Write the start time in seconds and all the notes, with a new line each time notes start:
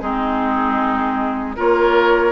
0.00 G#3 C4 D#4 G#4
1.57 A#3 F4 A#4 C#5